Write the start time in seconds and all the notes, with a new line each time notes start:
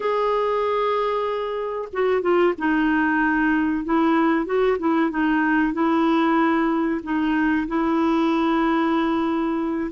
0.00 G#4
1.92 F#4
2.21 F4
2.58 D#4
3.85 E4
4.45 F#4
4.78 E4
5.10 D#4
5.73 E4
7.03 D#4
7.67 E4